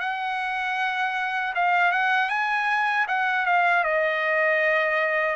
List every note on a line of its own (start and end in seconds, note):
0.00 1.54 F#5
1.55 1.92 F5
1.92 2.29 F#5
2.29 3.06 G#5
3.08 3.46 F#5
3.46 3.84 F5
3.84 5.36 D#5